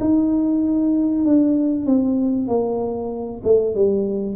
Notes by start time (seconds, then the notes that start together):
0.00 D#4
1.25 D4
1.86 C4
2.48 A#3
3.43 A3
3.75 G3